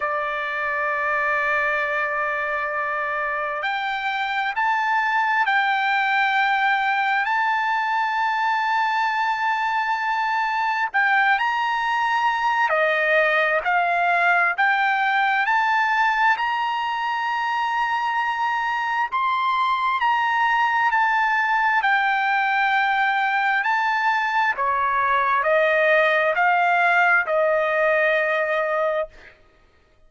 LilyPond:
\new Staff \with { instrumentName = "trumpet" } { \time 4/4 \tempo 4 = 66 d''1 | g''4 a''4 g''2 | a''1 | g''8 ais''4. dis''4 f''4 |
g''4 a''4 ais''2~ | ais''4 c'''4 ais''4 a''4 | g''2 a''4 cis''4 | dis''4 f''4 dis''2 | }